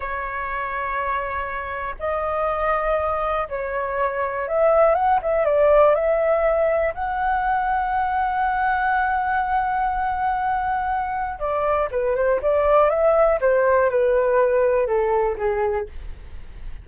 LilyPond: \new Staff \with { instrumentName = "flute" } { \time 4/4 \tempo 4 = 121 cis''1 | dis''2. cis''4~ | cis''4 e''4 fis''8 e''8 d''4 | e''2 fis''2~ |
fis''1~ | fis''2. d''4 | b'8 c''8 d''4 e''4 c''4 | b'2 a'4 gis'4 | }